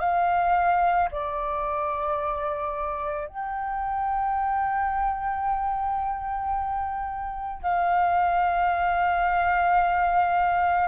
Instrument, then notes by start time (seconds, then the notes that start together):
flute
0.00 F5
1.12 D5
3.28 G5
7.63 F5